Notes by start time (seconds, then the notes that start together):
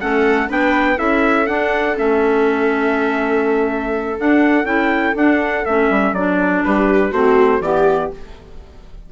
0.00 A3 C#4 A4 F#5
0.48 B3 D4 B4 G5
0.96 C#4 E4 A4 E5
1.47 D4 F#5
1.96 A3 C#4 E5
4.18 D4 F#5
4.64 C#4 E4 G5
5.15 D4 F#5
5.65 A3 C#4 E5
5.90 G3
6.12 F#3 D4 D5
6.64 G3 G4 B4
7.11 A3 C4 F#4 C5
7.60 E3 B3 G4 D5